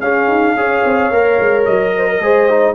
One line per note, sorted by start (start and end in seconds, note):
0.00 0.28 C#4
0.00 0.57 C#4
0.00 0.57 G#4
0.00 1.65 F5
0.28 0.54 D#4
0.54 0.82 C#4
0.54 1.12 G#4
0.54 1.96 C#5
0.85 1.10 C4
1.10 1.38 A#3
1.10 2.22 A#4
1.39 1.67 G#3
1.65 2.20 F#3
1.65 2.75 D#5
1.97 2.08 C5
2.08 2.22 A#4
2.20 2.75 G#3
2.20 2.50 G#4
2.20 2.75 C5
2.50 2.75 D#4